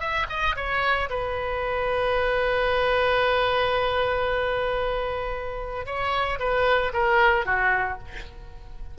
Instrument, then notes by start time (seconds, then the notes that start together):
oboe
0.00 E5
0.29 D#5
0.56 C#5
1.10 B4
5.86 C#5
6.40 B4
6.93 A#4
7.46 F#4